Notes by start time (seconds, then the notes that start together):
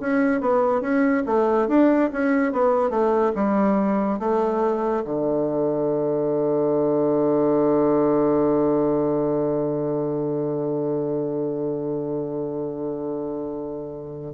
0.00 C#4
0.41 B3
0.81 C#4
1.26 A3
1.68 D4
2.12 C#4
2.52 B3
2.90 A3
3.35 G3
4.19 A3
5.05 D3